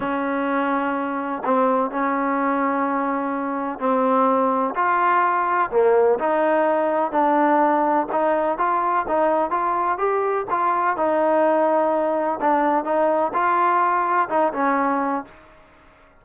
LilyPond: \new Staff \with { instrumentName = "trombone" } { \time 4/4 \tempo 4 = 126 cis'2. c'4 | cis'1 | c'2 f'2 | ais4 dis'2 d'4~ |
d'4 dis'4 f'4 dis'4 | f'4 g'4 f'4 dis'4~ | dis'2 d'4 dis'4 | f'2 dis'8 cis'4. | }